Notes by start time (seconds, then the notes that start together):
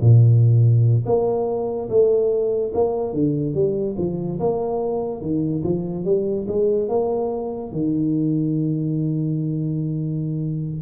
0.00 A#2
1.05 A#3
1.89 A3
2.73 A#3
3.13 D3
3.54 G3
3.97 F3
4.39 A#3
5.21 D#3
5.63 F3
6.04 G3
6.47 G#3
6.88 A#3
7.72 D#3